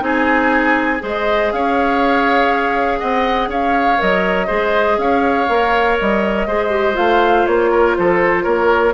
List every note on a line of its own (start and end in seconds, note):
0.00 1.00 C4
0.00 0.99 D#4
0.00 1.03 G#4
0.00 1.03 G#5
0.99 1.52 G#3
0.99 3.97 G#4
0.99 1.52 C5
0.99 1.52 D#5
1.52 3.01 C#4
1.52 2.99 C#5
1.52 2.99 F5
2.99 3.48 C4
2.99 3.49 D#5
2.99 3.49 F#5
3.48 3.98 C#4
3.48 4.47 C#5
3.48 4.01 F5
3.98 4.49 F#3
3.98 4.47 A#4
3.98 4.99 D#5
4.47 4.97 G#3
4.47 5.47 G#4
4.47 4.96 C5
4.97 5.47 C#4
4.97 6.47 C#5
4.97 5.98 F5
5.49 5.98 A#3
5.49 6.48 A#4
6.00 6.47 G3
6.00 6.96 D#5
6.47 6.96 G#3
6.47 6.69 G#4
6.47 7.71 C5
6.69 6.94 G4
6.94 7.47 A3
6.94 8.92 F4
6.94 7.46 F5
7.46 7.96 A#3
7.46 7.96 C#5
7.71 7.95 A#4
7.96 8.46 F3
7.96 8.43 A4
7.96 8.43 C5
8.43 8.94 A#3
8.43 8.93 A#4
8.43 8.93 C#5